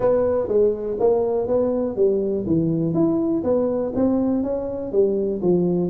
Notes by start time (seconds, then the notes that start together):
0.00 B3
0.48 G#3
0.99 A#3
1.47 B3
1.96 G3
2.46 E3
2.94 E4
3.43 B3
3.95 C4
4.43 C#4
4.92 G3
5.41 F3